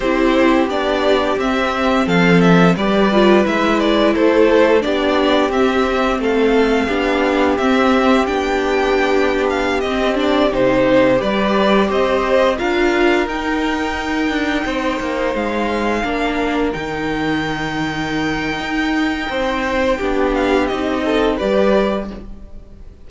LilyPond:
<<
  \new Staff \with { instrumentName = "violin" } { \time 4/4 \tempo 4 = 87 c''4 d''4 e''4 f''8 e''8 | d''4 e''8 d''8 c''4 d''4 | e''4 f''2 e''4 | g''4.~ g''16 f''8 dis''8 d''8 c''8.~ |
c''16 d''4 dis''4 f''4 g''8.~ | g''2~ g''16 f''4.~ f''16~ | f''16 g''2.~ g''8.~ | g''4. f''8 dis''4 d''4 | }
  \new Staff \with { instrumentName = "violin" } { \time 4/4 g'2. a'4 | b'2 a'4 g'4~ | g'4 a'4 g'2~ | g'1~ |
g'16 b'4 c''4 ais'4.~ ais'16~ | ais'4~ ais'16 c''2 ais'8.~ | ais'1 | c''4 g'4. a'8 b'4 | }
  \new Staff \with { instrumentName = "viola" } { \time 4/4 e'4 d'4 c'2 | g'8 f'8 e'2 d'4 | c'2 d'4 c'4 | d'2~ d'16 c'8 d'8 dis'8.~ |
dis'16 g'2 f'4 dis'8.~ | dis'2.~ dis'16 d'8.~ | d'16 dis'2.~ dis'8.~ | dis'4 d'4 dis'4 g'4 | }
  \new Staff \with { instrumentName = "cello" } { \time 4/4 c'4 b4 c'4 f4 | g4 gis4 a4 b4 | c'4 a4 b4 c'4 | b2~ b16 c'4 c8.~ |
c16 g4 c'4 d'4 dis'8.~ | dis'8. d'8 c'8 ais8 gis4 ais8.~ | ais16 dis2~ dis8. dis'4 | c'4 b4 c'4 g4 | }
>>